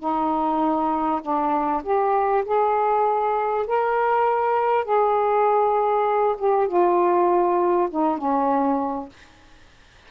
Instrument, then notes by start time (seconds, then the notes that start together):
saxophone
0.00 D#4
1.22 D4
1.84 G4
2.45 G#4
3.67 A#4
4.85 G#4
6.38 G4
6.68 F4
7.91 D#4
8.18 C#4